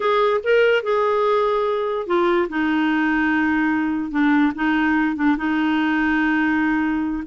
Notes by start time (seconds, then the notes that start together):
0.00 G#4
0.43 A#4
0.83 G#4
2.06 F4
2.49 D#4
4.11 D4
4.55 D#4
5.16 D4
5.37 D#4